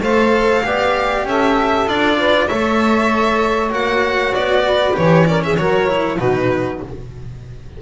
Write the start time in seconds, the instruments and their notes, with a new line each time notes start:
0.00 double bass A3, cello A4, saxophone C5, violin F5
0.64 double bass B3, cello G4, saxophone D5
1.24 double bass C#4, saxophone A4, violin E5
1.86 double bass D4, cello F4, violin D5
2.18 saxophone B4
2.47 double bass A3, cello A4, saxophone C#5, violin E5
3.70 double bass A#3, cello F#4, violin F#5
4.34 double bass B3, violin D5
4.66 saxophone B4
4.93 double bass E3, cello G4, violin C#5
5.26 cello C#4, saxophone A#4, violin D5
5.43 saxophone G#4, violin E5
5.56 double bass F#3, cello F#4, saxophone A#4, violin C#5
5.87 cello E4
6.18 double bass B2, cello D#4, saxophone F#4, violin B4